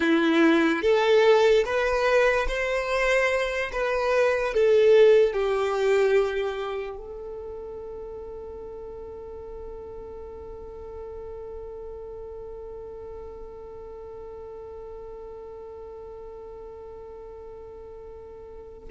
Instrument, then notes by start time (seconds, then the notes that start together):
violin
0.00 E4
0.82 A4
1.65 B4
2.47 C5
3.72 B4
4.54 A4
5.33 G4
6.97 A4